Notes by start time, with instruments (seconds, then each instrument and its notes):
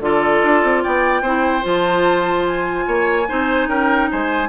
0.00 bassoon D3, clarinet F4, oboe A4, flute D5
0.43 bassoon D4
0.63 bassoon C4
0.83 bassoon B3, oboe D5, flute G5
1.22 bassoon C4, clarinet E4, oboe C5
1.62 bassoon F3, clarinet F4, flute A5
2.47 flute G#5
2.87 bassoon A#3, oboe C#5
3.28 bassoon C4, clarinet D#4, oboe C5
3.67 bassoon C#4, oboe A#4, flute G5
4.11 bassoon G#3, oboe C5, flute G#5